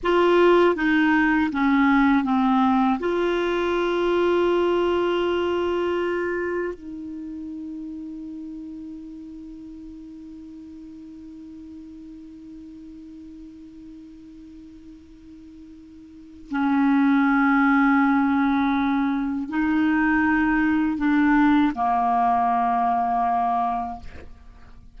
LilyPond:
\new Staff \with { instrumentName = "clarinet" } { \time 4/4 \tempo 4 = 80 f'4 dis'4 cis'4 c'4 | f'1~ | f'4 dis'2.~ | dis'1~ |
dis'1~ | dis'2 cis'2~ | cis'2 dis'2 | d'4 ais2. | }